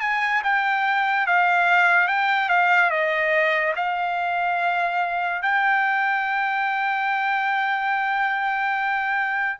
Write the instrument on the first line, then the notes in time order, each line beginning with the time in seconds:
trumpet
0.00 G#5
0.43 G5
1.26 F5
2.08 G5
2.48 F5
2.90 D#5
3.75 F5
5.42 G5